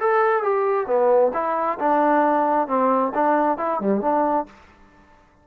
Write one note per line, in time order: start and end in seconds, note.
0.00 0.43 A4
0.43 0.87 G4
0.87 1.31 B3
1.33 1.78 E4
1.79 2.68 D4
2.68 3.12 C4
3.14 3.57 D4
3.57 3.80 E4
3.80 4.01 G3
4.01 4.46 D4